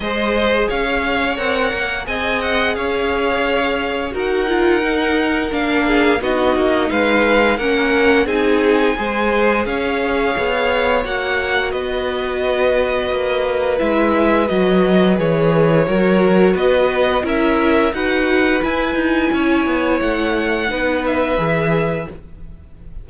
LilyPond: <<
  \new Staff \with { instrumentName = "violin" } { \time 4/4 \tempo 4 = 87 dis''4 f''4 fis''4 gis''8 fis''8 | f''2 fis''2 | f''4 dis''4 f''4 fis''4 | gis''2 f''2 |
fis''4 dis''2. | e''4 dis''4 cis''2 | dis''4 e''4 fis''4 gis''4~ | gis''4 fis''4. e''4. | }
  \new Staff \with { instrumentName = "violin" } { \time 4/4 c''4 cis''2 dis''4 | cis''2 ais'2~ | ais'8 gis'8 fis'4 b'4 ais'4 | gis'4 c''4 cis''2~ |
cis''4 b'2.~ | b'2. ais'4 | b'4 ais'4 b'2 | cis''2 b'2 | }
  \new Staff \with { instrumentName = "viola" } { \time 4/4 gis'2 ais'4 gis'4~ | gis'2 fis'8 f'8 dis'4 | d'4 dis'2 cis'4 | dis'4 gis'2. |
fis'1 | e'4 fis'4 gis'4 fis'4~ | fis'4 e'4 fis'4 e'4~ | e'2 dis'4 gis'4 | }
  \new Staff \with { instrumentName = "cello" } { \time 4/4 gis4 cis'4 c'8 ais8 c'4 | cis'2 dis'2 | ais4 b8 ais8 gis4 ais4 | c'4 gis4 cis'4 b4 |
ais4 b2 ais4 | gis4 fis4 e4 fis4 | b4 cis'4 dis'4 e'8 dis'8 | cis'8 b8 a4 b4 e4 | }
>>